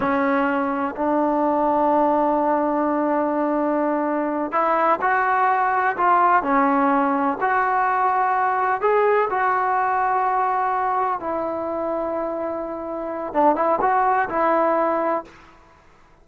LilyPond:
\new Staff \with { instrumentName = "trombone" } { \time 4/4 \tempo 4 = 126 cis'2 d'2~ | d'1~ | d'4. e'4 fis'4.~ | fis'8 f'4 cis'2 fis'8~ |
fis'2~ fis'8 gis'4 fis'8~ | fis'2.~ fis'8 e'8~ | e'1 | d'8 e'8 fis'4 e'2 | }